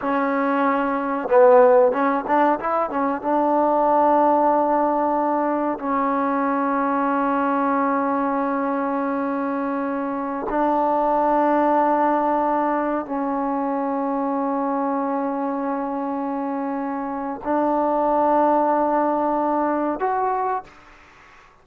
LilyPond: \new Staff \with { instrumentName = "trombone" } { \time 4/4 \tempo 4 = 93 cis'2 b4 cis'8 d'8 | e'8 cis'8 d'2.~ | d'4 cis'2.~ | cis'1~ |
cis'16 d'2.~ d'8.~ | d'16 cis'2.~ cis'8.~ | cis'2. d'4~ | d'2. fis'4 | }